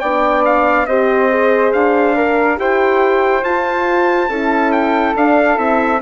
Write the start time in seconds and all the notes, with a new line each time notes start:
0.00 B3 D4 D5 G5
0.45 F5
0.86 C4 G4 C5 D#5
1.30 G#4
1.73 D4 F5
2.15 A#4
2.56 E4 G4 C5 G5
3.42 F4 A5
4.28 C#4 E4 A4
4.71 G5
5.14 D4 F5
5.55 C4 E4 E5